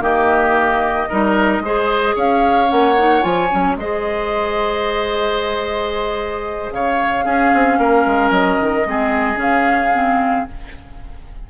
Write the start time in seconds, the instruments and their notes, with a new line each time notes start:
0.00 bassoon D#3, clarinet A#3, oboe G4, flute D#5
1.09 bassoon G3, clarinet D#4, oboe A#4
1.60 bassoon G#3, clarinet G#4, oboe C5
2.15 bassoon C#4, oboe C#5, flute F5
2.68 bassoon A#3, clarinet C#4, flute F#5
2.98 clarinet D#4
3.22 bassoon F3, clarinet F4, flute G#5
3.51 bassoon F#3, clarinet C#4
3.76 bassoon G#3, clarinet G#4, oboe C5, flute D#5
6.72 bassoon C#3, oboe C#5, flute F5
7.25 clarinet C#4, bassoon C#4, oboe G#4
7.54 bassoon C4
7.79 bassoon A#3, oboe A#4
8.06 bassoon G#3
8.31 bassoon F#3, flute D#5
8.61 bassoon D#3
8.86 bassoon G#3, clarinet C4, oboe G#4
9.35 bassoon C#3, clarinet C#4, flute F5
9.94 clarinet C4